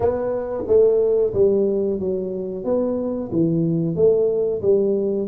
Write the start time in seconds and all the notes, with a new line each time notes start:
0.00 B3
0.67 A3
1.33 G3
1.99 F#3
2.64 B3
3.32 E3
3.95 A3
4.62 G3